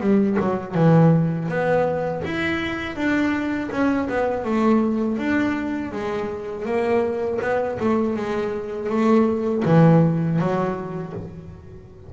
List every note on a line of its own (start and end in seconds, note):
0.00 0.37 G3
0.40 0.74 F#3
0.74 1.48 E3
1.48 2.23 B3
2.25 2.96 E4
2.96 3.70 D4
3.71 4.08 C#4
4.09 4.45 B3
4.45 5.18 A3
5.18 5.92 D4
5.92 6.66 G#3
6.66 7.39 A#3
7.41 7.78 B3
7.80 8.16 A3
8.16 8.89 G#3
8.89 9.63 A3
9.65 10.39 E3
10.39 11.13 F#3